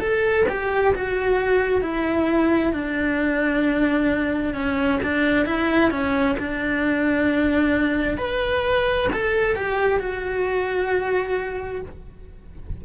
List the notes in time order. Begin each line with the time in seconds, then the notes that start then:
0.00 A4
0.49 G4
0.95 F#4
1.82 E4
2.73 D4
4.54 C#4
5.04 D4
5.46 E4
5.91 C#4
6.39 D4
8.18 B4
9.13 A4
9.56 G4
10.00 F#4